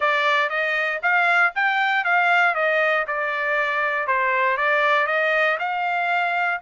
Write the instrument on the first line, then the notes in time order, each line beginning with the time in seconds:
trumpet
0.00 D5
0.49 D#5
1.02 F5
1.55 G5
2.04 F5
2.54 D#5
3.07 D5
4.07 C5
4.57 D5
5.07 D#5
5.59 F5